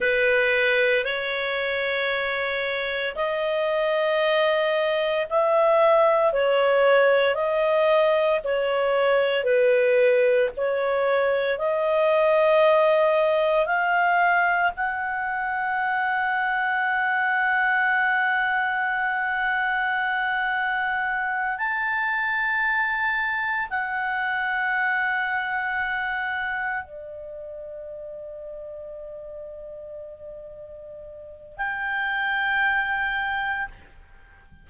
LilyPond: \new Staff \with { instrumentName = "clarinet" } { \time 4/4 \tempo 4 = 57 b'4 cis''2 dis''4~ | dis''4 e''4 cis''4 dis''4 | cis''4 b'4 cis''4 dis''4~ | dis''4 f''4 fis''2~ |
fis''1~ | fis''8 a''2 fis''4.~ | fis''4. d''2~ d''8~ | d''2 g''2 | }